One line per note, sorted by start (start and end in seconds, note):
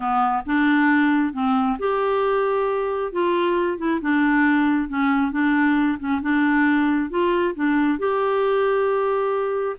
0.00 0.42 B3
0.46 1.33 D4
1.33 1.77 C4
1.79 3.12 G4
3.12 3.78 F4
3.78 4.00 E4
4.01 4.88 D4
4.88 5.31 C#4
5.31 5.98 D4
5.99 6.21 C#4
6.21 7.10 D4
7.10 7.54 F4
7.55 7.98 D4
7.98 9.76 G4